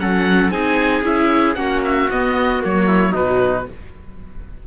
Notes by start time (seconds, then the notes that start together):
0.00 F#3 C#4 A4 F#5
0.51 C4 D#4 G#4 G#5
1.04 C#4 E4 E5
1.55 A#3 C#4 F#4 F#5
1.85 E5
2.11 B3 D#5
2.62 F#3 A#3 C#5
2.88 E4
3.13 B2 F#3 D#4 B4